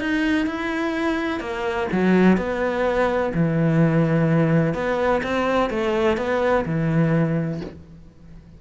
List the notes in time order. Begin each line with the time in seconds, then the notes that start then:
0.00 D#4
0.47 E4
1.40 A#3
1.92 F#3
2.38 B3
3.34 E3
4.74 B3
5.23 C4
5.70 A3
6.17 B3
6.66 E3